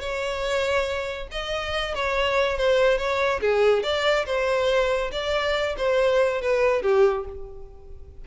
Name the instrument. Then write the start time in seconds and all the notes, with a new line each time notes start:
violin
0.00 C#5
1.31 D#5
1.95 C#5
2.57 C5
2.98 C#5
3.41 G#4
3.83 D5
4.26 C5
5.12 D5
5.77 C5
6.41 B4
6.82 G4